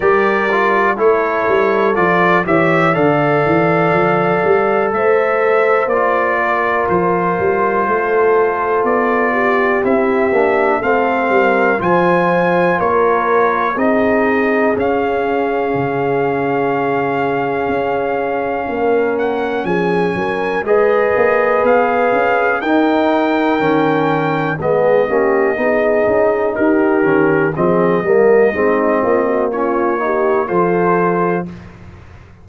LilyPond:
<<
  \new Staff \with { instrumentName = "trumpet" } { \time 4/4 \tempo 4 = 61 d''4 cis''4 d''8 e''8 f''4~ | f''4 e''4 d''4 c''4~ | c''4 d''4 e''4 f''4 | gis''4 cis''4 dis''4 f''4~ |
f''2.~ f''8 fis''8 | gis''4 dis''4 f''4 g''4~ | g''4 dis''2 ais'4 | dis''2 cis''4 c''4 | }
  \new Staff \with { instrumentName = "horn" } { \time 4/4 ais'4 a'4. cis''8 d''4~ | d''4 c''4. ais'4. | a'4. g'4. a'8 ais'8 | c''4 ais'4 gis'2~ |
gis'2. ais'4 | gis'8 ais'8 b'2 ais'4~ | ais'4 gis'8 g'8 gis'4 g'4 | gis'8 ais'8 dis'8 f'16 fis'16 f'8 g'8 a'4 | }
  \new Staff \with { instrumentName = "trombone" } { \time 4/4 g'8 f'8 e'4 f'8 g'8 a'4~ | a'2 f'2~ | f'2 e'8 d'8 c'4 | f'2 dis'4 cis'4~ |
cis'1~ | cis'4 gis'2 dis'4 | cis'4 b8 cis'8 dis'4. cis'8 | c'8 ais8 c'4 cis'8 dis'8 f'4 | }
  \new Staff \with { instrumentName = "tuba" } { \time 4/4 g4 a8 g8 f8 e8 d8 e8 | f8 g8 a4 ais4 f8 g8 | a4 b4 c'8 ais8 a8 g8 | f4 ais4 c'4 cis'4 |
cis2 cis'4 ais4 | f8 fis8 gis8 ais8 b8 cis'8 dis'4 | dis4 gis8 ais8 b8 cis'8 dis'8 dis8 | f8 g8 gis8 ais4. f4 | }
>>